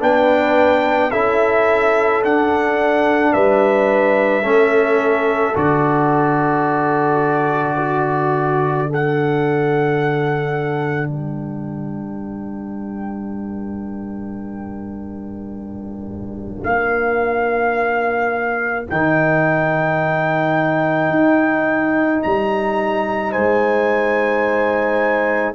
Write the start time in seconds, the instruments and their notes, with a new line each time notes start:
0.00 tuba B3, trombone D4, horn B4, trumpet G5
1.11 tuba C#4, trombone E4, horn A4, trumpet E5
2.23 tuba D4, trombone D4, trumpet F#5
3.33 tuba G3, horn B4, trumpet E5
4.43 tuba A3, trombone C#4, horn A4
5.55 tuba D3, trombone F#4, trumpet D5
7.78 horn F#4
8.87 trombone D4, horn A4
8.94 trumpet F#5
11.08 tuba G3, horn A#4, trumpet G5
16.64 tuba A#3, trumpet F5
18.88 tuba D#3, trombone D#4, trumpet G5
21.10 tuba D#4
22.23 tuba G3, trumpet A#5
23.31 tuba G#3, horn C5, trumpet G#5